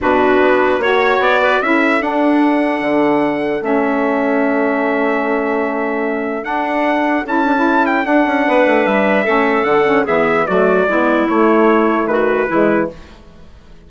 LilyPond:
<<
  \new Staff \with { instrumentName = "trumpet" } { \time 4/4 \tempo 4 = 149 b'2 cis''4 d''4 | e''4 fis''2.~ | fis''4 e''2.~ | e''1 |
fis''2 a''4. g''8 | fis''2 e''2 | fis''4 e''4 d''2 | cis''2 b'2 | }
  \new Staff \with { instrumentName = "clarinet" } { \time 4/4 fis'2 cis''4. b'8 | a'1~ | a'1~ | a'1~ |
a'1~ | a'4 b'2 a'4~ | a'4 gis'4 fis'4 e'4~ | e'2 fis'4 e'4 | }
  \new Staff \with { instrumentName = "saxophone" } { \time 4/4 d'2 fis'2 | e'4 d'2.~ | d'4 cis'2.~ | cis'1 |
d'2 e'8 d'16 e'4~ e'16 | d'2. cis'4 | d'8 cis'8 b4 a4 b4 | a2. gis4 | }
  \new Staff \with { instrumentName = "bassoon" } { \time 4/4 b,4 b4 ais4 b4 | cis'4 d'2 d4~ | d4 a2.~ | a1 |
d'2 cis'2 | d'8 cis'8 b8 a8 g4 a4 | d4 e4 fis4 gis4 | a2 dis4 e4 | }
>>